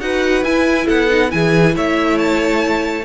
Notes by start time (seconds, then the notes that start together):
0.00 D#4 F#4 B4 F#5
0.43 E4 G#5
0.86 B3 A4 F#5
1.10 D#4
1.29 E3 E4 G#4 G#5
1.75 A3 C#5 E5
2.18 A5